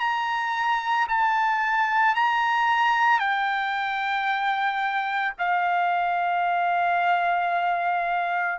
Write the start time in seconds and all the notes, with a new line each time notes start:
0.00 A#5
1.08 A5
2.15 A#5
3.19 G5
5.38 F5